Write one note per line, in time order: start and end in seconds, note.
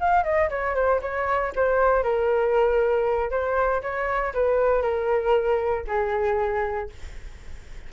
0.00 0.23 F5
0.23 0.49 D#5
0.49 0.75 C#5
0.75 1.00 C5
1.01 1.53 C#5
1.55 2.03 C5
2.03 3.30 A#4
3.30 3.81 C5
3.82 4.33 C#5
4.34 4.82 B4
4.82 5.84 A#4
5.87 6.90 G#4